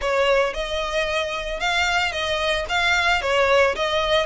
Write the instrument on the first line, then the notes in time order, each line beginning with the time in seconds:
violin
0.01 C#5
0.53 D#5
1.60 F5
2.12 D#5
2.68 F5
3.21 C#5
3.75 D#5